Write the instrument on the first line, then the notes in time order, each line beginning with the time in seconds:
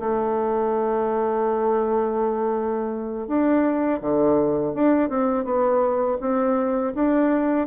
bassoon
0.00 A3
3.28 D4
4.01 D3
4.75 D4
5.10 C4
5.45 B3
6.21 C4
6.95 D4